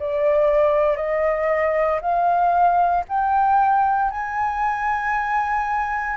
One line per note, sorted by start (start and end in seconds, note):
0.00 0.97 D5
0.97 2.00 D#5
2.02 3.05 F5
3.09 4.11 G5
4.11 6.17 G#5